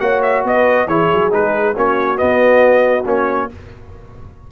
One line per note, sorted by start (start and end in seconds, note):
0.00 0.45 A#3
0.00 0.88 F#4
0.00 0.45 C#5
0.00 0.22 F#5
0.23 0.45 E5
0.45 0.87 B3
0.45 0.87 B4
0.45 0.88 D#5
0.87 1.09 E3
0.87 1.31 E4
0.87 1.75 G#4
0.87 1.32 C#5
1.14 1.33 F#3
1.31 1.76 G#3
1.31 1.75 D#4
1.31 1.77 B4
1.76 2.20 A#3
1.76 2.17 C#4
1.76 3.51 F#4
1.76 2.18 C#5
2.17 3.04 B3
2.17 3.06 B3
2.17 3.06 D#5
3.06 3.50 A#3
3.06 3.49 C#4
3.06 3.52 C#5